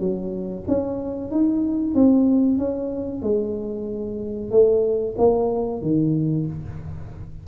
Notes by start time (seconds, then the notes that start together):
0.00 F#3
0.68 C#4
1.31 D#4
1.95 C4
2.58 C#4
3.23 G#3
4.51 A3
5.18 A#3
5.82 D#3